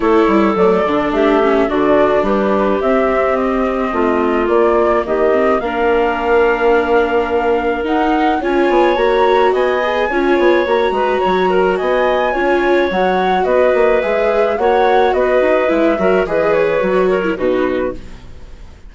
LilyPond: <<
  \new Staff \with { instrumentName = "flute" } { \time 4/4 \tempo 4 = 107 cis''4 d''4 e''4 d''4 | b'4 e''4 dis''2 | d''4 dis''4 f''2~ | f''2 fis''4 gis''4 |
ais''4 gis''2 ais''4~ | ais''4 gis''2 fis''4 | dis''4 e''4 fis''4 dis''4 | e''4 dis''8 cis''4. b'4 | }
  \new Staff \with { instrumentName = "clarinet" } { \time 4/4 a'2 g'4 fis'4 | g'2. f'4~ | f'4 g'4 ais'2~ | ais'2. cis''4~ |
cis''4 dis''4 cis''4. b'8 | cis''8 ais'8 dis''4 cis''2 | b'2 cis''4 b'4~ | b'8 ais'8 b'4. ais'8 fis'4 | }
  \new Staff \with { instrumentName = "viola" } { \time 4/4 e'4 a8 d'4 cis'8 d'4~ | d'4 c'2. | ais4. c'8 d'2~ | d'2 dis'4 f'4 |
fis'4. gis'8 f'4 fis'4~ | fis'2 f'4 fis'4~ | fis'4 gis'4 fis'2 | e'8 fis'8 gis'4 fis'8. e'16 dis'4 | }
  \new Staff \with { instrumentName = "bassoon" } { \time 4/4 a8 g8 fis8 d8 a4 d4 | g4 c'2 a4 | ais4 dis4 ais2~ | ais2 dis'4 cis'8 b8 |
ais4 b4 cis'8 b8 ais8 gis8 | fis4 b4 cis'4 fis4 | b8 ais8 gis4 ais4 b8 dis'8 | gis8 fis8 e4 fis4 b,4 | }
>>